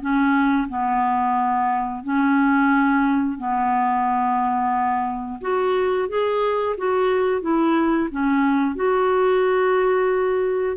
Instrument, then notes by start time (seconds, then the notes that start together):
clarinet
0.00 C#4
0.68 B3
2.03 C#4
3.37 B3
5.41 F#4
6.08 G#4
6.77 F#4
7.41 E4
8.11 C#4
8.75 F#4